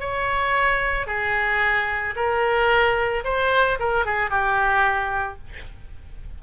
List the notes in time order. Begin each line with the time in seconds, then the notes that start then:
0.00 C#5
1.07 G#4
2.16 A#4
3.25 C5
3.79 A#4
4.05 G#4
4.30 G4